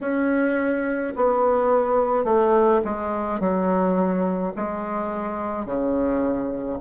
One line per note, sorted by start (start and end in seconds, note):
0.00 1.13 C#4
1.16 2.24 B3
2.24 2.80 A3
2.84 3.40 G#3
3.40 4.53 F#3
4.55 5.66 G#3
5.66 6.79 C#3